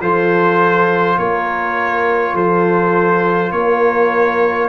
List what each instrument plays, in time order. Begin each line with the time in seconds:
0.00 tuba F3, trombone F4, horn A4, trumpet C5
1.18 tuba A#3, horn A#4, trumpet C#5
2.34 tuba F3, horn A4, trumpet C5
3.52 tuba A#3, horn A#4, trumpet C#5